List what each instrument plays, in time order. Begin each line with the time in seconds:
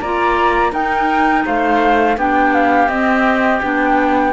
0.00 cello A#3, clarinet F4, oboe D5, flute A#5
0.72 clarinet D#4, cello D#4, oboe A#4, flute G5
1.45 cello A3, oboe C5, flute F5
2.16 cello B3, clarinet D4, oboe G4, flute G5
2.53 flute F5
2.88 cello C4, clarinet C4, flute D#5
3.62 cello B3, clarinet D4, flute G5